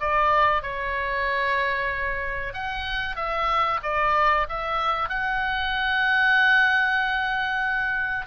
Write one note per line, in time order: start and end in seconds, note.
0.00 0.63 D5
0.63 2.54 C#5
2.54 3.16 F#5
3.16 3.80 E5
3.83 4.47 D5
4.49 5.09 E5
5.09 8.27 F#5